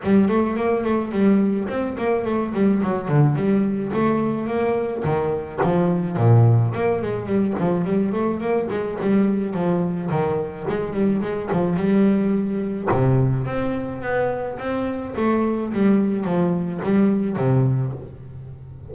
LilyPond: \new Staff \with { instrumentName = "double bass" } { \time 4/4 \tempo 4 = 107 g8 a8 ais8 a8 g4 c'8 ais8 | a8 g8 fis8 d8 g4 a4 | ais4 dis4 f4 ais,4 | ais8 gis8 g8 f8 g8 a8 ais8 gis8 |
g4 f4 dis4 gis8 g8 | gis8 f8 g2 c4 | c'4 b4 c'4 a4 | g4 f4 g4 c4 | }